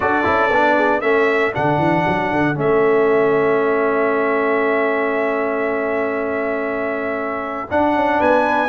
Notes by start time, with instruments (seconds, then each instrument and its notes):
0.00 tuba D4, trombone F#4, horn A4, trumpet D5
0.23 tuba C#4, trombone E4
0.50 tuba B3, trombone D4
0.76 horn G#4
1.01 tuba A3, trombone C#4, horn A4, trumpet E5
1.53 tuba D3, trombone D4, trumpet F#5
1.78 tuba E3
2.07 tuba F#3
2.31 tuba D3
2.54 tuba A3, trombone C#4, trumpet E5
7.70 trombone D4, tuba D4, trumpet F#5
7.95 tuba C#4
8.18 tuba B3, horn B4, trumpet G#5